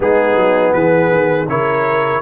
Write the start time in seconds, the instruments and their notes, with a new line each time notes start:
0.00 tuba G#3, trombone B3, horn D#4, trumpet G#4
0.35 tuba F#3
0.73 tuba E3, horn G#4, trumpet B4
1.11 tuba D#3
1.48 tuba C#3, trombone E4, horn A#4, trumpet C#5